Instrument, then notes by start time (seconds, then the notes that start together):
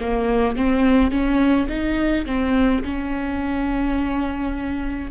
viola
0.00 A#3
0.57 C4
1.12 C#4
1.69 D#4
2.26 C4
2.85 C#4